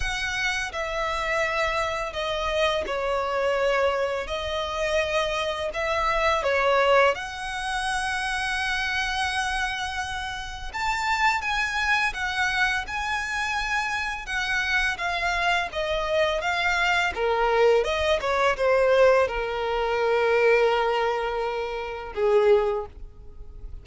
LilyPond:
\new Staff \with { instrumentName = "violin" } { \time 4/4 \tempo 4 = 84 fis''4 e''2 dis''4 | cis''2 dis''2 | e''4 cis''4 fis''2~ | fis''2. a''4 |
gis''4 fis''4 gis''2 | fis''4 f''4 dis''4 f''4 | ais'4 dis''8 cis''8 c''4 ais'4~ | ais'2. gis'4 | }